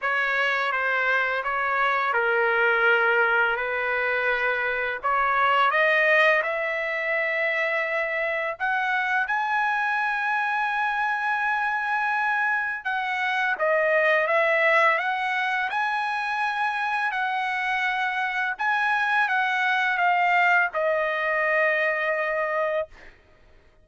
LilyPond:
\new Staff \with { instrumentName = "trumpet" } { \time 4/4 \tempo 4 = 84 cis''4 c''4 cis''4 ais'4~ | ais'4 b'2 cis''4 | dis''4 e''2. | fis''4 gis''2.~ |
gis''2 fis''4 dis''4 | e''4 fis''4 gis''2 | fis''2 gis''4 fis''4 | f''4 dis''2. | }